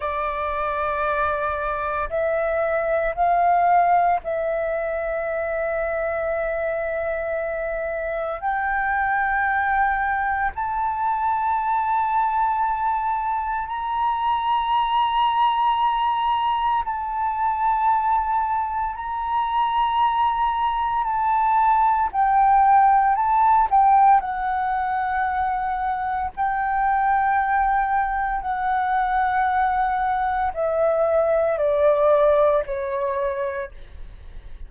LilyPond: \new Staff \with { instrumentName = "flute" } { \time 4/4 \tempo 4 = 57 d''2 e''4 f''4 | e''1 | g''2 a''2~ | a''4 ais''2. |
a''2 ais''2 | a''4 g''4 a''8 g''8 fis''4~ | fis''4 g''2 fis''4~ | fis''4 e''4 d''4 cis''4 | }